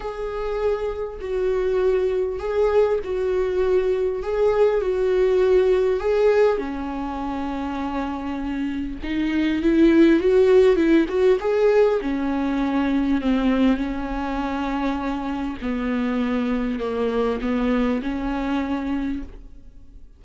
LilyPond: \new Staff \with { instrumentName = "viola" } { \time 4/4 \tempo 4 = 100 gis'2 fis'2 | gis'4 fis'2 gis'4 | fis'2 gis'4 cis'4~ | cis'2. dis'4 |
e'4 fis'4 e'8 fis'8 gis'4 | cis'2 c'4 cis'4~ | cis'2 b2 | ais4 b4 cis'2 | }